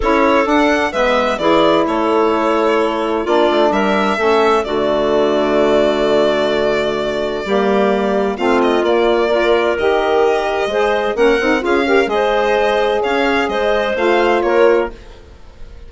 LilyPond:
<<
  \new Staff \with { instrumentName = "violin" } { \time 4/4 \tempo 4 = 129 cis''4 fis''4 e''4 d''4 | cis''2. d''4 | e''2 d''2~ | d''1~ |
d''2 f''8 dis''8 d''4~ | d''4 dis''2. | fis''4 f''4 dis''2 | f''4 dis''4 f''4 cis''4 | }
  \new Staff \with { instrumentName = "clarinet" } { \time 4/4 a'2 b'4 gis'4 | a'2. f'4 | ais'4 a'4 fis'2~ | fis'1 |
g'2 f'2 | ais'2. c''4 | ais'4 gis'8 ais'8 c''2 | cis''4 c''2 ais'4 | }
  \new Staff \with { instrumentName = "saxophone" } { \time 4/4 e'4 d'4 b4 e'4~ | e'2. d'4~ | d'4 cis'4 a2~ | a1 |
ais2 c'4 ais4 | f'4 g'2 gis'4 | cis'8 dis'8 f'8 g'8 gis'2~ | gis'2 f'2 | }
  \new Staff \with { instrumentName = "bassoon" } { \time 4/4 cis'4 d'4 gis4 e4 | a2. ais8 a8 | g4 a4 d2~ | d1 |
g2 a4 ais4~ | ais4 dis2 gis4 | ais8 c'8 cis'4 gis2 | cis'4 gis4 a4 ais4 | }
>>